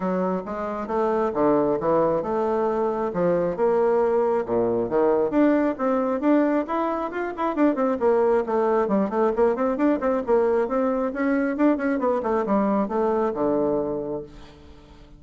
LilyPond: \new Staff \with { instrumentName = "bassoon" } { \time 4/4 \tempo 4 = 135 fis4 gis4 a4 d4 | e4 a2 f4 | ais2 ais,4 dis4 | d'4 c'4 d'4 e'4 |
f'8 e'8 d'8 c'8 ais4 a4 | g8 a8 ais8 c'8 d'8 c'8 ais4 | c'4 cis'4 d'8 cis'8 b8 a8 | g4 a4 d2 | }